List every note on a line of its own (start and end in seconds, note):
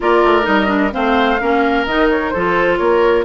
0.00 0.23 A#3
0.00 0.43 F4
0.00 0.94 A#4
0.00 0.46 D5
0.23 0.46 A3
0.43 0.92 G3
0.43 0.66 D#4
0.43 0.93 D#5
0.66 0.90 D4
0.92 1.41 A3
0.92 1.38 C4
0.92 1.40 C5
0.92 1.86 F5
1.40 1.86 A#3
1.40 1.86 C#4
1.40 2.33 A#4
1.86 2.33 D#3
1.86 2.35 D#4
1.86 2.09 D#5
2.10 2.29 C#5
2.29 2.79 F3
2.29 3.25 F4
2.29 2.78 A4
2.29 2.76 C5
2.77 3.25 A#3
2.77 3.25 A#4
2.77 3.24 C#5